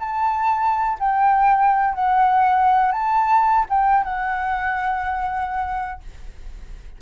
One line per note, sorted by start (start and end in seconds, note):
0.00 0.98 A5
1.00 1.95 G5
1.95 2.92 F#5
2.92 3.66 A5
3.70 4.04 G5
4.04 6.01 F#5